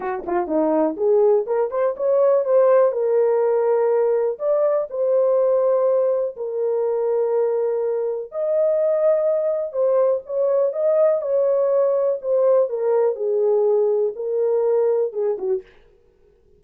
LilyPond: \new Staff \with { instrumentName = "horn" } { \time 4/4 \tempo 4 = 123 fis'8 f'8 dis'4 gis'4 ais'8 c''8 | cis''4 c''4 ais'2~ | ais'4 d''4 c''2~ | c''4 ais'2.~ |
ais'4 dis''2. | c''4 cis''4 dis''4 cis''4~ | cis''4 c''4 ais'4 gis'4~ | gis'4 ais'2 gis'8 fis'8 | }